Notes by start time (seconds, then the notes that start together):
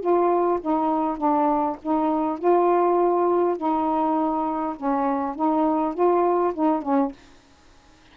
0.00 F4
0.61 D#4
1.17 D4
1.82 D#4
2.39 F4
3.57 D#4
4.77 C#4
5.35 D#4
5.94 F4
6.54 D#4
6.82 C#4